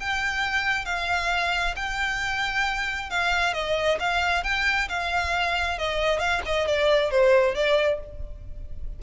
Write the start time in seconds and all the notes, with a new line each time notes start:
0.00 G5
0.85 F5
1.76 G5
3.10 F5
3.54 D#5
4.00 F5
4.43 G5
4.89 F5
5.78 D#5
6.19 F5
6.46 D#5
6.67 D5
7.11 C5
7.55 D5